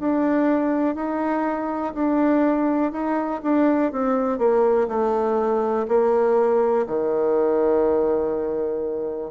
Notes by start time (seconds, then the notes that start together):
0.00 D4
0.96 D#4
1.94 D4
2.92 D#4
3.43 D4
3.93 C4
4.39 A#3
4.88 A3
5.88 A#3
6.87 D#3